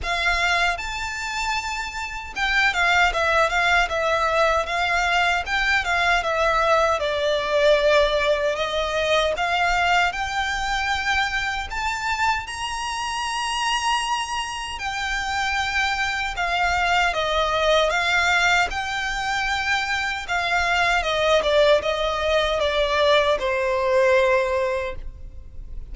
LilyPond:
\new Staff \with { instrumentName = "violin" } { \time 4/4 \tempo 4 = 77 f''4 a''2 g''8 f''8 | e''8 f''8 e''4 f''4 g''8 f''8 | e''4 d''2 dis''4 | f''4 g''2 a''4 |
ais''2. g''4~ | g''4 f''4 dis''4 f''4 | g''2 f''4 dis''8 d''8 | dis''4 d''4 c''2 | }